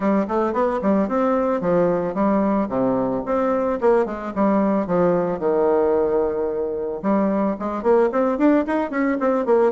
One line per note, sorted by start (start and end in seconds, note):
0.00 0.26 G3
0.28 0.53 A3
0.53 0.80 B3
0.82 1.08 G3
1.08 1.61 C4
1.61 2.14 F3
2.14 2.68 G3
2.69 3.23 C3
3.25 3.79 C4
3.81 4.05 A#3
4.05 4.32 G#3
4.35 4.86 G3
4.86 5.39 F3
5.39 7.01 D#3
7.02 7.56 G3
7.59 7.82 G#3
7.82 8.09 A#3
8.12 8.38 C4
8.38 8.65 D4
8.67 8.90 D#4
8.90 9.17 C#4
9.20 9.45 C4
9.45 9.72 A#3